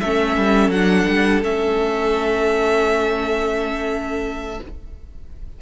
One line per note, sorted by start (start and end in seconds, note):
0.00 0.37 A3
0.00 0.74 C#4
0.00 4.61 A4
0.00 0.71 E5
0.37 0.69 G3
0.69 1.04 F#3
0.69 1.43 D4
0.69 1.42 F#5
1.08 1.42 G3
1.42 4.60 A3
1.42 4.60 C#4
1.42 4.61 E5